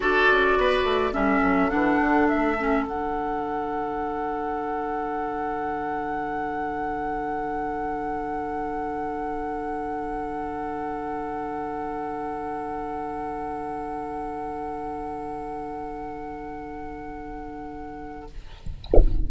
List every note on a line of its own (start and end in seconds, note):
0.00 0.29 D4
0.00 1.13 F#4
0.00 0.58 A4
0.00 1.13 D5
0.30 0.56 C#4
0.56 0.83 B3
0.56 1.13 B4
0.83 1.12 A3
1.13 1.41 G3
1.13 1.70 C#4
1.13 18.27 A4
1.13 1.70 E5
1.41 1.70 F#3
1.70 2.00 E3
1.70 2.55 D4
1.70 2.27 F#5
2.00 2.28 D3
2.28 2.87 A3
2.28 2.85 E5
2.60 2.86 C#4
2.86 18.29 D3
2.86 18.29 D4
2.86 18.30 F#5